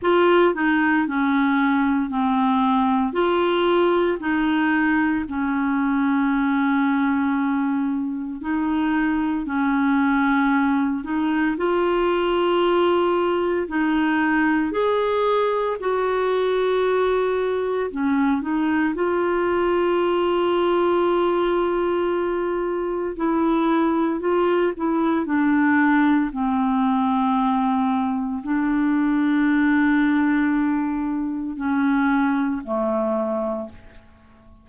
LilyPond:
\new Staff \with { instrumentName = "clarinet" } { \time 4/4 \tempo 4 = 57 f'8 dis'8 cis'4 c'4 f'4 | dis'4 cis'2. | dis'4 cis'4. dis'8 f'4~ | f'4 dis'4 gis'4 fis'4~ |
fis'4 cis'8 dis'8 f'2~ | f'2 e'4 f'8 e'8 | d'4 c'2 d'4~ | d'2 cis'4 a4 | }